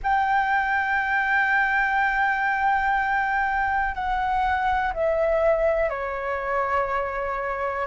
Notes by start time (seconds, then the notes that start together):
0.03 G5
3.94 F#5
4.93 E5
5.89 C#5